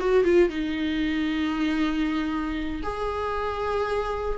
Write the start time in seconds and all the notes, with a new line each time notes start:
0.00 F#4
0.25 F4
0.50 D#4
2.84 G#4